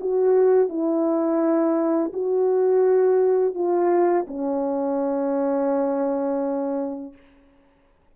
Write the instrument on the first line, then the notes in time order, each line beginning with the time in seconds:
horn
0.00 F#4
0.69 E4
2.13 F#4
3.54 F4
4.27 C#4